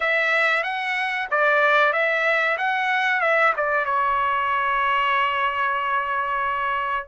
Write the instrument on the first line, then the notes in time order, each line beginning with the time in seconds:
trumpet
0.00 E5
0.63 F#5
1.30 D5
1.92 E5
2.57 F#5
3.21 E5
3.56 D5
3.85 C#5